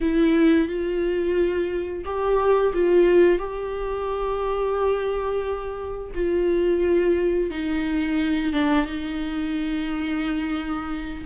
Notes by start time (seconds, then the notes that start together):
0.00 E4
0.68 F4
2.04 G4
2.73 F4
3.38 G4
6.14 F4
7.50 D#4
8.52 D4
8.85 D#4